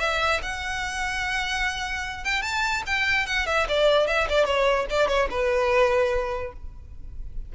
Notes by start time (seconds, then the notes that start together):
0.00 E5
0.43 F#5
2.25 G5
2.42 A5
2.87 G5
3.27 F#5
3.47 E5
3.69 D5
4.07 E5
4.29 D5
4.46 C#5
4.91 D5
5.08 C#5
5.31 B4